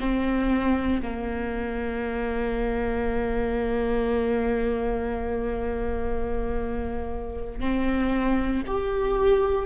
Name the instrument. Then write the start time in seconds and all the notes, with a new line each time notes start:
viola
0.00 C4
1.02 A#3
7.60 C4
8.67 G4